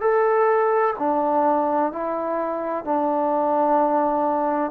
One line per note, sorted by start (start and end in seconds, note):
0.00 0.94 A4
0.98 1.92 D4
1.92 2.84 E4
2.84 4.71 D4